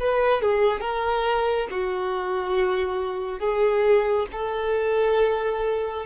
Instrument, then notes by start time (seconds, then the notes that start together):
violin
0.00 B4
0.42 G#4
0.81 A#4
1.71 F#4
3.40 G#4
4.32 A4